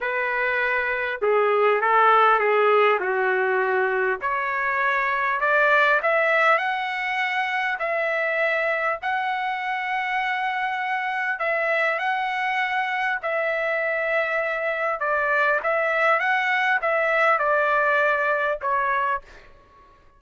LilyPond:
\new Staff \with { instrumentName = "trumpet" } { \time 4/4 \tempo 4 = 100 b'2 gis'4 a'4 | gis'4 fis'2 cis''4~ | cis''4 d''4 e''4 fis''4~ | fis''4 e''2 fis''4~ |
fis''2. e''4 | fis''2 e''2~ | e''4 d''4 e''4 fis''4 | e''4 d''2 cis''4 | }